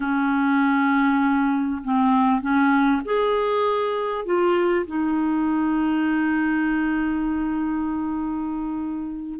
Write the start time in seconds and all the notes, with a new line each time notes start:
0.00 C#4
1.83 C4
2.41 C#4
3.05 G#4
4.25 F4
4.86 D#4